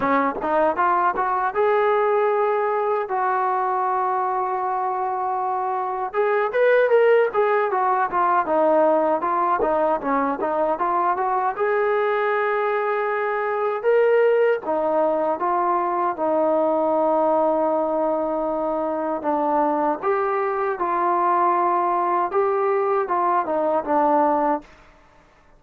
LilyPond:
\new Staff \with { instrumentName = "trombone" } { \time 4/4 \tempo 4 = 78 cis'8 dis'8 f'8 fis'8 gis'2 | fis'1 | gis'8 b'8 ais'8 gis'8 fis'8 f'8 dis'4 | f'8 dis'8 cis'8 dis'8 f'8 fis'8 gis'4~ |
gis'2 ais'4 dis'4 | f'4 dis'2.~ | dis'4 d'4 g'4 f'4~ | f'4 g'4 f'8 dis'8 d'4 | }